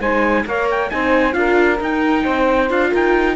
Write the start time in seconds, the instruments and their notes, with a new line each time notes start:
0.00 cello G#3, viola D#4, saxophone C5, trumpet G#5
0.46 cello A#3, viola A#4, saxophone C#5, trumpet F5
0.71 trumpet G5
0.90 cello C4, viola D#4, saxophone C5, trumpet G#5
1.33 cello D4, viola F4, saxophone A#4, trumpet F5
1.81 cello D#4, viola D#4, trumpet G5
2.24 cello C4, saxophone C5
2.70 cello D4, viola F4, trumpet F5
2.90 cello D#4, saxophone A#4, trumpet G5